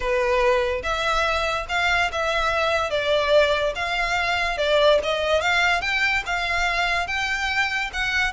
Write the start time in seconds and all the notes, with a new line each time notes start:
0.00 B4
0.82 E5
1.69 F5
2.12 E5
2.90 D5
3.75 F5
4.57 D5
5.03 D#5
5.41 F5
5.81 G5
6.25 F5
7.07 G5
7.93 F#5